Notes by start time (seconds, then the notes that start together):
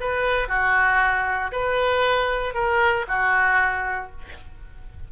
0.00 B4
0.48 F#4
1.52 B4
2.54 A#4
3.08 F#4